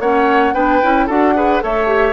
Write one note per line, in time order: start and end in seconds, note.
0.00 0.54 A#3
0.00 0.55 C#4
0.00 0.54 C#5
0.00 0.54 F#5
0.54 0.82 B3
0.54 0.82 D4
0.54 1.07 B4
0.54 1.08 G5
0.83 1.09 C#4
0.83 1.09 E4
1.07 1.63 D4
1.07 1.35 F#4
1.07 1.34 A4
1.07 1.63 F#5
1.35 1.62 G#4
1.35 1.63 B4
1.62 2.14 A3
1.62 1.88 A4
1.62 2.14 C#5
1.62 2.14 E5
1.88 2.14 G4